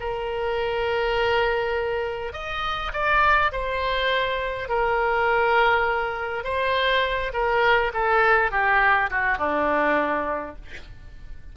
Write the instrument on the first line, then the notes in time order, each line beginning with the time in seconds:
oboe
0.00 A#4
2.33 D#5
2.93 D5
3.52 C5
4.69 A#4
6.44 C5
7.33 A#4
7.94 A4
8.52 G4
9.10 F#4
9.38 D4